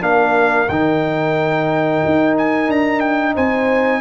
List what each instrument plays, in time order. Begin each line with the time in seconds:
0.00 tuba A#3, trombone D4, horn A#4, trumpet F5
0.68 tuba D#3, trombone D#4, trumpet G5
2.05 tuba D#4
2.37 trumpet G#5
2.68 tuba D4, trumpet A#5
3.00 trumpet G5
3.34 tuba C4, horn C5, trumpet G#5